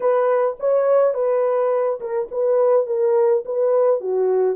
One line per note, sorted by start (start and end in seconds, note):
0.00 0.57 B4
0.59 1.14 C#5
1.14 1.99 B4
2.00 2.29 A#4
2.31 2.86 B4
2.86 3.43 A#4
3.45 4.00 B4
4.00 4.56 F#4